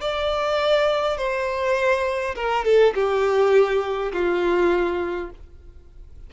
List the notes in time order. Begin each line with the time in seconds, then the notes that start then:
0.00 D5
1.17 C5
2.35 A#4
2.64 A4
2.94 G4
4.12 F4